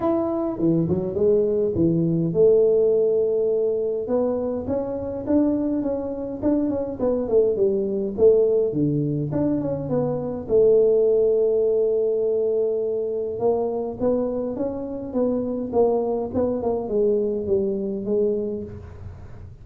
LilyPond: \new Staff \with { instrumentName = "tuba" } { \time 4/4 \tempo 4 = 103 e'4 e8 fis8 gis4 e4 | a2. b4 | cis'4 d'4 cis'4 d'8 cis'8 | b8 a8 g4 a4 d4 |
d'8 cis'8 b4 a2~ | a2. ais4 | b4 cis'4 b4 ais4 | b8 ais8 gis4 g4 gis4 | }